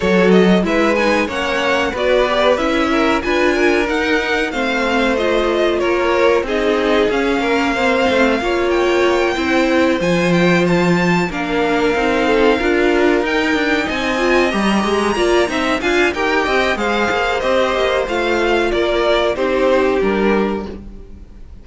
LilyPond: <<
  \new Staff \with { instrumentName = "violin" } { \time 4/4 \tempo 4 = 93 cis''8 dis''8 e''8 gis''8 fis''4 d''4 | e''4 gis''4 fis''4 f''4 | dis''4 cis''4 dis''4 f''4~ | f''4. g''2 gis''8 |
g''8 a''4 f''2~ f''8~ | f''8 g''4 gis''4 ais''4.~ | ais''8 gis''8 g''4 f''4 dis''4 | f''4 d''4 c''4 ais'4 | }
  \new Staff \with { instrumentName = "violin" } { \time 4/4 a'4 b'4 cis''4 b'4~ | b'8 ais'8 b'8 ais'4. c''4~ | c''4 ais'4 gis'4. ais'8 | c''4 cis''4. c''4.~ |
c''4. ais'4. a'8 ais'8~ | ais'4. dis''2 d''8 | e''8 f''8 ais'8 dis''8 c''2~ | c''4 ais'4 g'2 | }
  \new Staff \with { instrumentName = "viola" } { \time 4/4 fis'4 e'8 dis'8 cis'4 fis'8 g'8 | e'4 f'4 dis'4 c'4 | f'2 dis'4 cis'4 | c'4 f'4. e'4 f'8~ |
f'4. d'4 dis'4 f'8~ | f'8 dis'4. f'8 g'4 f'8 | dis'8 f'8 g'4 gis'4 g'4 | f'2 dis'4 d'4 | }
  \new Staff \with { instrumentName = "cello" } { \time 4/4 fis4 gis4 ais4 b4 | cis'4 d'4 dis'4 a4~ | a4 ais4 c'4 cis'8 ais8~ | ais8 a8 ais4. c'4 f8~ |
f4. ais4 c'4 d'8~ | d'8 dis'8 d'8 c'4 g8 gis8 ais8 | c'8 d'8 dis'8 c'8 gis8 ais8 c'8 ais8 | a4 ais4 c'4 g4 | }
>>